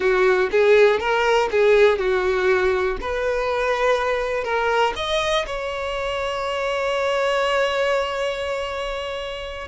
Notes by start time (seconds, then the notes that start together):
0.00 F#4
0.51 G#4
0.99 A#4
1.51 G#4
1.98 F#4
3.00 B4
4.44 A#4
4.95 D#5
5.46 C#5